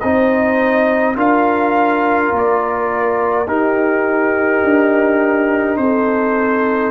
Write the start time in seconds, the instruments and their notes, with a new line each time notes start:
0.00 tuba C4, trombone D#4, horn C5, trumpet D#5
1.16 tuba D4, trombone F4, horn A#4, trumpet F5
2.32 tuba A#3, trumpet D5
3.47 tuba D#4, trombone D#4, horn G4, trumpet A#4
4.64 tuba D4
5.77 tuba C4, horn A4, trumpet C5